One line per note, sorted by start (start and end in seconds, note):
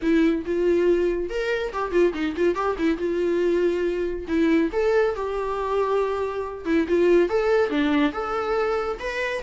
0.01 0.44 E4
0.45 1.29 F4
1.29 1.72 A#4
1.73 1.91 G4
1.91 2.13 F4
2.13 2.35 D#4
2.36 2.55 F4
2.55 2.76 G4
2.78 2.97 E4
2.97 4.26 F4
4.27 4.70 E4
4.72 5.15 A4
5.15 6.65 G4
6.65 6.86 E4
6.88 7.29 F4
7.29 7.69 A4
7.69 8.12 D4
8.12 8.98 A4
8.99 9.42 B4